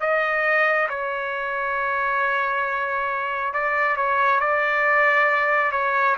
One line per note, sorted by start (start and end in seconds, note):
0.00 0.88 D#5
0.89 3.53 C#5
3.53 3.96 D5
3.96 4.40 C#5
4.40 5.72 D5
5.72 6.16 C#5